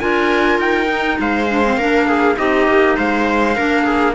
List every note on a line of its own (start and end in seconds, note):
0.00 0.59 D4
0.00 0.88 F4
0.00 1.20 A#4
0.00 0.60 G#5
0.59 1.18 D#4
0.59 1.20 G5
0.88 1.48 D#4
1.20 1.77 G#3
1.20 1.78 C5
1.20 2.38 F5
1.49 1.64 D4
1.65 1.80 C4
1.77 2.36 A#3
1.77 2.37 D4
1.77 2.08 A#4
2.08 2.37 G#4
2.37 2.68 C4
2.37 3.56 D#4
2.37 2.97 G4
2.37 2.97 D#5
2.68 2.98 A#3
2.97 3.58 G#3
2.97 3.56 C5
2.97 4.15 F5
3.56 4.15 A#3
3.56 4.15 D4
3.56 3.84 A#4
3.84 4.14 G#4